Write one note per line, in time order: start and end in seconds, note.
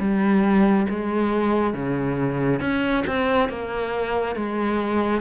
0.00 0.87 G3
0.90 1.74 G#3
1.74 2.61 C#3
2.61 3.04 C#4
3.07 3.49 C4
3.49 4.36 A#3
4.36 5.21 G#3